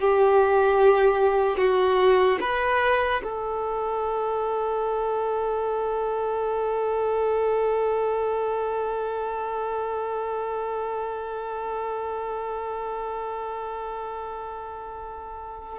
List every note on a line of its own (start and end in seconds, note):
0.00 1.57 G4
1.57 2.38 F#4
2.41 3.22 B4
3.23 15.79 A4